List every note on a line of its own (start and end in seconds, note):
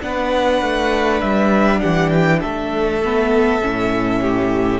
0.00 0.61 B3
0.00 3.00 D4
0.00 1.79 B4
0.00 1.21 F#5
0.61 1.21 A3
1.21 1.82 G3
1.21 1.79 E5
1.79 2.43 E3
1.79 2.39 G4
1.79 2.09 F#5
2.09 2.39 G5
2.39 3.62 A3
2.39 4.19 A4
2.39 4.79 E5
3.03 3.62 B3
3.62 4.79 A2
3.62 4.79 C#4
4.21 4.79 G4